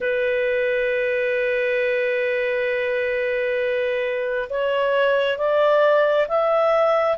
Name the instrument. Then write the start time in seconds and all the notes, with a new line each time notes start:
clarinet
0.00 B4
4.49 C#5
5.37 D5
6.28 E5